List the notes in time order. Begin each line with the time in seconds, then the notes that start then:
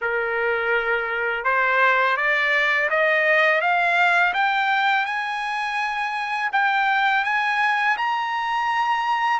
0.01 A#4
1.44 C5
2.17 D5
2.89 D#5
3.61 F5
4.33 G5
5.05 G#5
6.52 G5
7.24 G#5
7.97 A#5